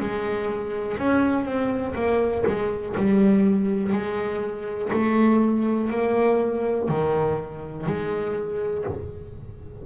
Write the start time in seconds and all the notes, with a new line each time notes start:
0.00 G#3
0.98 C#4
1.45 C4
1.95 A#3
2.47 G#3
2.97 G3
3.93 G#3
4.93 A3
5.91 A#3
6.89 D#3
7.87 G#3